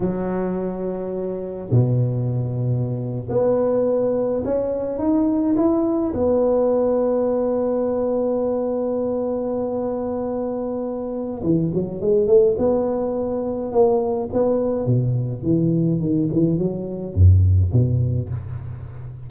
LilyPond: \new Staff \with { instrumentName = "tuba" } { \time 4/4 \tempo 4 = 105 fis2. b,4~ | b,4.~ b,16 b2 cis'16~ | cis'8. dis'4 e'4 b4~ b16~ | b1~ |
b1 | e8 fis8 gis8 a8 b2 | ais4 b4 b,4 e4 | dis8 e8 fis4 fis,4 b,4 | }